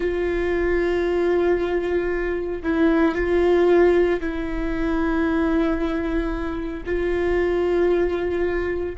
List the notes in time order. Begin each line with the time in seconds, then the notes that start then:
0.00 F4
2.62 E4
3.14 F4
4.20 E4
6.85 F4